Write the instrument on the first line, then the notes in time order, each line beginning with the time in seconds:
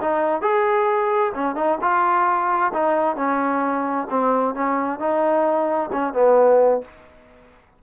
trombone
0.00 D#4
0.41 G#4
1.34 C#4
1.55 D#4
1.81 F4
2.73 D#4
3.16 C#4
4.10 C4
4.54 C#4
4.99 D#4
5.92 C#4
6.13 B3